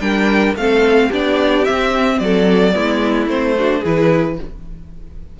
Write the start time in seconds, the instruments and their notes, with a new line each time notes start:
0.00 cello G3, viola D4, violin A#4 G5
0.55 cello A3, viola C4, violin A4 F5
1.08 cello B3, viola D4, violin G4 D5
1.64 viola C4, cello C4, violin E5
2.19 cello F#3, violin A4 D5
2.72 cello G#3, viola B3, violin E4
3.26 cello A3, viola C4, violin C5
3.58 viola D4, violin F#4
3.80 cello E3, viola E4, violin G#4 B4